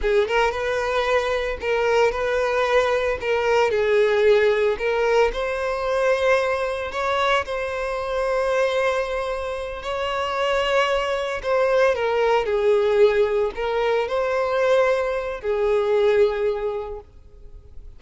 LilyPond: \new Staff \with { instrumentName = "violin" } { \time 4/4 \tempo 4 = 113 gis'8 ais'8 b'2 ais'4 | b'2 ais'4 gis'4~ | gis'4 ais'4 c''2~ | c''4 cis''4 c''2~ |
c''2~ c''8 cis''4.~ | cis''4. c''4 ais'4 gis'8~ | gis'4. ais'4 c''4.~ | c''4 gis'2. | }